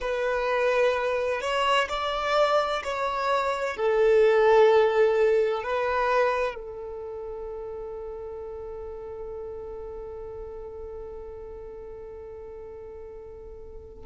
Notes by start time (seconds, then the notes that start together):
0.00 B4
1.41 C#5
1.88 D5
2.83 C#5
3.77 A4
5.63 B4
6.54 A4